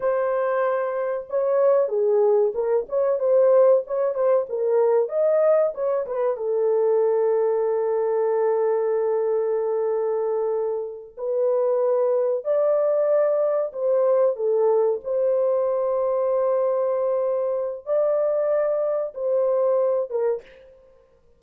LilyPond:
\new Staff \with { instrumentName = "horn" } { \time 4/4 \tempo 4 = 94 c''2 cis''4 gis'4 | ais'8 cis''8 c''4 cis''8 c''8 ais'4 | dis''4 cis''8 b'8 a'2~ | a'1~ |
a'4. b'2 d''8~ | d''4. c''4 a'4 c''8~ | c''1 | d''2 c''4. ais'8 | }